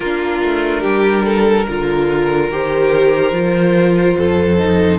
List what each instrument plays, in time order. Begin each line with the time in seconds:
0.00 cello A#3, viola D4, violin F4 A#4
0.42 cello A3
0.80 cello G3, violin G4
1.24 violin A4
1.66 cello D3, viola F4, violin A#4
2.50 cello D#3, viola G4, violin C5
3.32 cello F3, viola F4
4.18 cello F2, violin A4
4.58 viola D#4